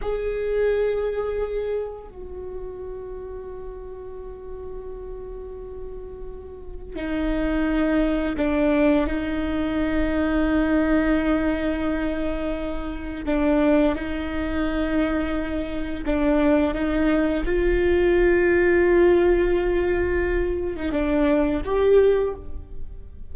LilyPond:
\new Staff \with { instrumentName = "viola" } { \time 4/4 \tempo 4 = 86 gis'2. fis'4~ | fis'1~ | fis'2 dis'2 | d'4 dis'2.~ |
dis'2. d'4 | dis'2. d'4 | dis'4 f'2.~ | f'4.~ f'16 dis'16 d'4 g'4 | }